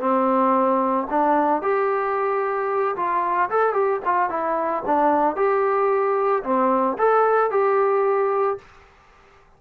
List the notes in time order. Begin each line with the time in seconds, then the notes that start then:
0.00 C4
1.10 D4
1.62 G4
2.96 F4
3.50 A4
3.73 G4
4.05 F4
4.29 E4
4.86 D4
5.36 G4
6.43 C4
6.97 A4
7.51 G4